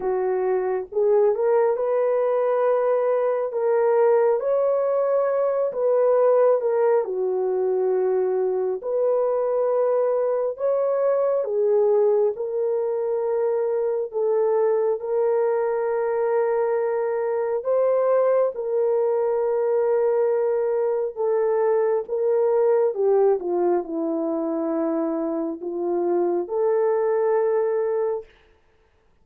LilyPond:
\new Staff \with { instrumentName = "horn" } { \time 4/4 \tempo 4 = 68 fis'4 gis'8 ais'8 b'2 | ais'4 cis''4. b'4 ais'8 | fis'2 b'2 | cis''4 gis'4 ais'2 |
a'4 ais'2. | c''4 ais'2. | a'4 ais'4 g'8 f'8 e'4~ | e'4 f'4 a'2 | }